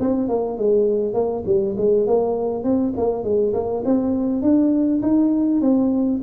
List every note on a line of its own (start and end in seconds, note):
0.00 0.28 C4
0.28 0.58 A#3
0.58 1.13 G#3
1.13 1.43 A#3
1.46 1.76 G3
1.77 2.07 G#3
2.07 2.63 A#3
2.63 2.93 C4
2.97 3.23 A#3
3.23 3.53 G#3
3.53 3.83 A#3
3.85 4.42 C4
4.42 5.01 D4
5.02 5.61 D#4
5.61 6.21 C4